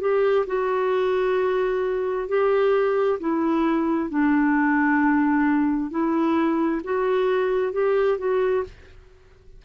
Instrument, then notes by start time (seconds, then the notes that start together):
clarinet
0.00 G4
0.46 F#4
2.28 G4
3.19 E4
4.10 D4
5.90 E4
6.83 F#4
7.72 G4
8.18 F#4